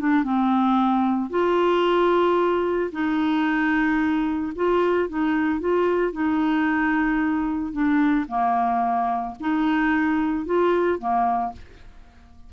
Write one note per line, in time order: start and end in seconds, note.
0.00 0.24 D4
0.24 1.30 C4
1.30 2.91 F4
2.92 4.53 D#4
4.56 5.09 F4
5.09 5.60 D#4
5.60 6.13 F4
6.13 7.73 D#4
7.73 8.26 D4
8.28 9.35 A#3
9.40 10.46 D#4
10.46 10.99 F4
10.99 11.52 A#3